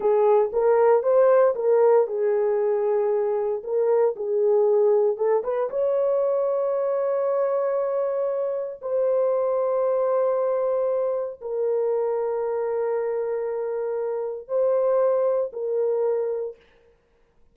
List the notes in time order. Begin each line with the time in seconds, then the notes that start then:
0.00 G#4
0.53 A#4
1.02 C5
1.55 A#4
2.07 G#4
3.63 A#4
4.15 G#4
5.17 A4
5.43 B4
5.70 C#5
8.81 C5
11.41 A#4
14.48 C5
15.52 A#4